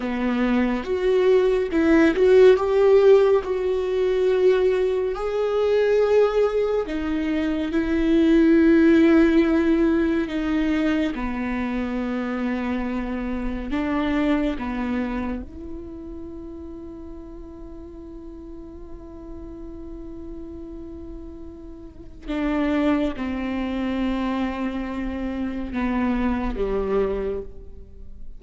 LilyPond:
\new Staff \with { instrumentName = "viola" } { \time 4/4 \tempo 4 = 70 b4 fis'4 e'8 fis'8 g'4 | fis'2 gis'2 | dis'4 e'2. | dis'4 b2. |
d'4 b4 e'2~ | e'1~ | e'2 d'4 c'4~ | c'2 b4 g4 | }